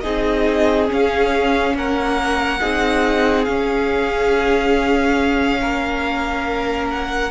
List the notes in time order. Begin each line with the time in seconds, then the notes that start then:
0.00 C4 D#4 G#4 D#5
0.87 C#4 F5
1.74 A#3 A#4 F#5
2.60 C4 D#4 G#4
3.44 C#4 F5
5.60 A#3 A#4
6.90 F#5